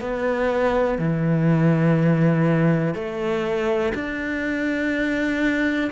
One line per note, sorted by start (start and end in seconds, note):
0.00 0.98 B3
0.98 2.94 E3
2.94 3.93 A3
3.94 5.91 D4